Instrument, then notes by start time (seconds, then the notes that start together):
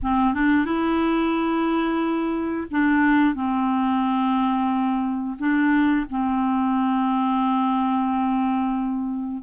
clarinet
0.02 C4
0.34 D4
0.65 E4
2.70 D4
3.35 C4
5.38 D4
6.09 C4